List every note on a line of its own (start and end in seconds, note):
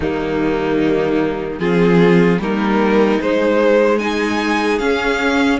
0.00 1.59 D#3
0.00 1.59 G3
0.00 1.59 A#3
0.00 1.59 D#4
1.59 2.39 F3
1.59 2.39 C4
1.59 2.39 F4
1.59 2.39 G#4
2.39 3.19 G3
2.39 3.20 A#3
2.39 4.02 D#4
2.39 3.21 A#4
3.20 4.00 G#3
3.20 4.81 G#3
3.20 3.98 C5
3.98 4.79 D#4
3.98 5.60 G#4
3.98 4.78 G#5
4.78 5.59 C#4
4.78 5.60 C#4
4.78 5.58 F5